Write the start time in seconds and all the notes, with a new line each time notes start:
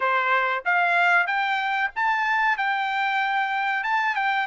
0.00 C5
0.65 F5
1.26 G5
1.95 A5
2.57 G5
3.83 A5
4.15 G5